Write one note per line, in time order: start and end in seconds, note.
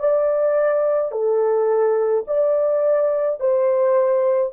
0.00 1.12 D5
1.12 2.25 A4
2.27 3.40 D5
3.40 4.53 C5